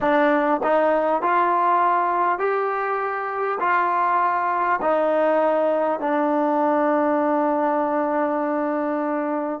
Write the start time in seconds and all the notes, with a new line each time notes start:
0.00 D4
0.63 D#4
1.22 F4
2.38 G4
3.60 F4
4.81 D#4
6.00 D4